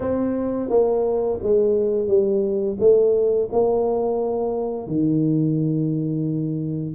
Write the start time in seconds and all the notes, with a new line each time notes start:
0.00 C4
0.69 A#3
1.42 G#3
2.07 G3
2.79 A3
3.52 A#3
4.87 D#3